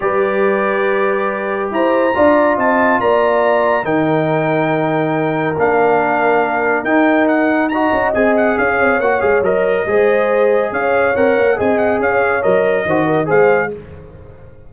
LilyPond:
<<
  \new Staff \with { instrumentName = "trumpet" } { \time 4/4 \tempo 4 = 140 d''1 | ais''2 a''4 ais''4~ | ais''4 g''2.~ | g''4 f''2. |
g''4 fis''4 ais''4 gis''8 fis''8 | f''4 fis''8 f''8 dis''2~ | dis''4 f''4 fis''4 gis''8 fis''8 | f''4 dis''2 f''4 | }
  \new Staff \with { instrumentName = "horn" } { \time 4/4 b'1 | c''4 d''4 dis''4 d''4~ | d''4 ais'2.~ | ais'1~ |
ais'2 dis''2 | cis''2. c''4~ | c''4 cis''2 dis''4 | cis''2 c''8 ais'8 c''4 | }
  \new Staff \with { instrumentName = "trombone" } { \time 4/4 g'1~ | g'4 f'2.~ | f'4 dis'2.~ | dis'4 d'2. |
dis'2 fis'4 gis'4~ | gis'4 fis'8 gis'8 ais'4 gis'4~ | gis'2 ais'4 gis'4~ | gis'4 ais'4 fis'4 gis'4 | }
  \new Staff \with { instrumentName = "tuba" } { \time 4/4 g1 | e'4 d'4 c'4 ais4~ | ais4 dis2.~ | dis4 ais2. |
dis'2~ dis'8 cis'8 c'4 | cis'8 c'8 ais8 gis8 fis4 gis4~ | gis4 cis'4 c'8 ais8 c'4 | cis'4 fis4 dis4 gis4 | }
>>